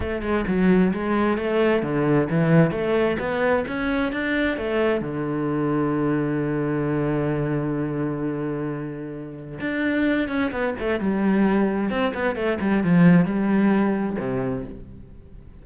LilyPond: \new Staff \with { instrumentName = "cello" } { \time 4/4 \tempo 4 = 131 a8 gis8 fis4 gis4 a4 | d4 e4 a4 b4 | cis'4 d'4 a4 d4~ | d1~ |
d1~ | d4 d'4. cis'8 b8 a8 | g2 c'8 b8 a8 g8 | f4 g2 c4 | }